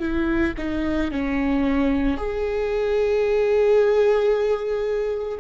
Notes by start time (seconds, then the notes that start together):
0.00 E4
0.58 D#4
1.12 C#4
2.17 G#4